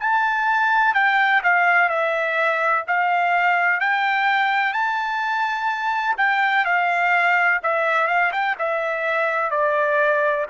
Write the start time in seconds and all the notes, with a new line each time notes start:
0.00 A5
0.94 G5
1.44 F5
1.89 E5
2.87 F5
3.80 G5
4.73 A5
6.18 G5
6.65 F5
7.63 E5
8.08 F5
8.32 G5
8.58 E5
9.51 D5